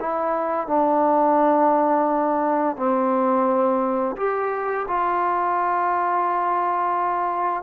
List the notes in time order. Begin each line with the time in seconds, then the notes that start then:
0.00 E4
0.67 D4
2.77 C4
4.17 G4
4.88 F4